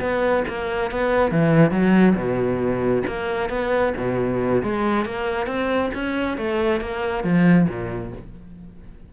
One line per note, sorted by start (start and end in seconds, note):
0.00 0.44 B3
0.48 0.91 A#3
0.91 1.31 B3
1.31 1.71 E3
1.71 2.15 F#3
2.15 3.03 B2
3.07 3.49 A#3
3.49 3.93 B3
3.97 4.62 B2
4.62 5.05 G#3
5.05 5.46 A#3
5.46 5.90 C4
5.94 6.37 C#4
6.37 6.80 A3
6.80 7.23 A#3
7.23 7.67 F3
7.68 8.12 A#2